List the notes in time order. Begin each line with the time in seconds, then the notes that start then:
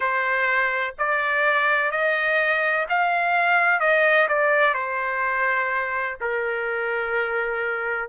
0.00 C5
0.98 D5
1.91 D#5
2.89 F5
3.80 D#5
4.28 D5
4.74 C5
6.20 A#4